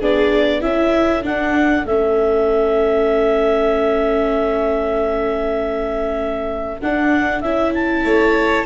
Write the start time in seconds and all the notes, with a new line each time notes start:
0.00 B3 D4 G#4 D5
0.61 C#4 E4 A4 E5
1.23 D4 F#5
1.84 A3 C#4 E5
6.81 D4 F#5
7.41 C#4 E4 E5
7.74 A5
8.04 A3 C#5